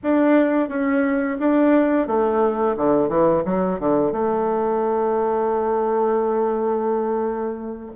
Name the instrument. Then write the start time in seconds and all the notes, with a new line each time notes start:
bassoon
0.03 D4
0.69 C#4
1.39 D4
2.07 A3
2.76 D3
3.08 E3
3.45 F#3
3.79 D3
4.12 A3